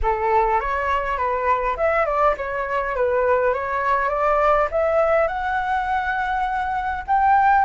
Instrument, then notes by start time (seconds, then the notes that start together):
flute
0.02 A4
0.60 C#5
1.17 B4
1.76 E5
2.05 D5
2.37 C#5
2.95 B4
3.53 C#5
4.09 D5
4.71 E5
5.27 F#5
7.07 G5